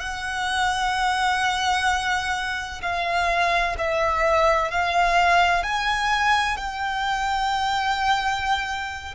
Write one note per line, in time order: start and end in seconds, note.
0.00 2.81 F#5
2.82 3.75 F5
3.78 4.70 E5
4.70 5.63 F5
5.63 6.57 G#5
6.57 9.14 G5